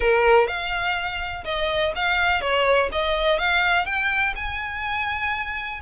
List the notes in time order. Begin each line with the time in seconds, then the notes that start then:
0.00 A#4
0.47 F5
1.44 D#5
1.95 F5
2.41 C#5
2.92 D#5
3.38 F5
3.85 G5
4.35 G#5